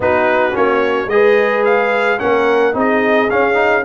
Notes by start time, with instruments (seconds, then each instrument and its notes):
0.00 tuba B3, trombone D#4, horn F#4, trumpet B4
0.52 tuba A#3, trombone C#4, trumpet C#5
1.07 tuba G#3, trombone G#4, horn B4, trumpet D#5
1.64 trumpet F5
2.18 tuba A#3, trombone C#4, horn A#4, trumpet F#5
2.73 tuba C4, trombone D#4, horn G#4, trumpet D#5
3.30 trombone C#4, tuba C#4, trumpet F5
3.54 trombone D#4